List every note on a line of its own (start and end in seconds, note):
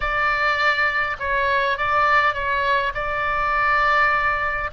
0.00 1.16 D5
1.19 1.77 C#5
1.77 2.34 D5
2.34 2.93 C#5
2.94 4.70 D5